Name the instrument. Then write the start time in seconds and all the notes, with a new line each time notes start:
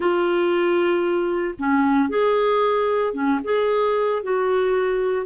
clarinet
0.00 F4
1.58 C#4
2.09 G#4
3.13 C#4
3.44 G#4
4.22 F#4